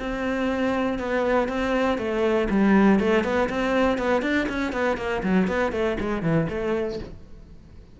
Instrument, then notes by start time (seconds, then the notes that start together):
cello
0.00 C4
0.99 B3
1.49 C4
1.98 A3
2.50 G3
3.00 A3
3.24 B3
3.49 C4
3.98 B3
4.22 D4
4.49 C#4
4.72 B3
4.97 A#3
5.24 F#3
5.48 B3
5.72 A3
6.00 G#3
6.22 E3
6.49 A3